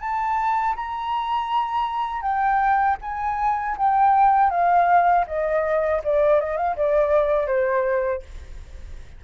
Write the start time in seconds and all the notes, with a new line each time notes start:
0.00 A5
0.76 A#5
2.22 G5
3.01 G#5
3.77 G5
4.50 F5
5.27 D#5
6.04 D5
6.40 D#5
6.57 F5
6.76 D5
7.47 C5